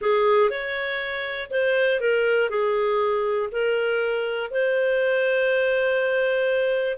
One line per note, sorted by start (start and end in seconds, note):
0.01 0.50 G#4
0.50 1.50 C#5
1.50 2.00 C5
2.00 2.49 A#4
2.49 3.49 G#4
3.51 4.50 A#4
4.50 6.97 C5